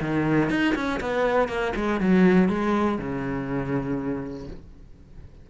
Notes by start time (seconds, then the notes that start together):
0.00 D#3
0.49 D#4
0.75 C#4
1.00 B3
1.48 A#3
1.75 G#3
2.00 F#3
2.48 G#3
2.98 C#3